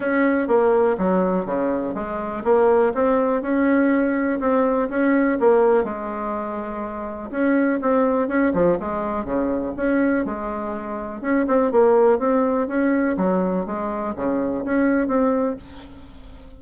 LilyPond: \new Staff \with { instrumentName = "bassoon" } { \time 4/4 \tempo 4 = 123 cis'4 ais4 fis4 cis4 | gis4 ais4 c'4 cis'4~ | cis'4 c'4 cis'4 ais4 | gis2. cis'4 |
c'4 cis'8 f8 gis4 cis4 | cis'4 gis2 cis'8 c'8 | ais4 c'4 cis'4 fis4 | gis4 cis4 cis'4 c'4 | }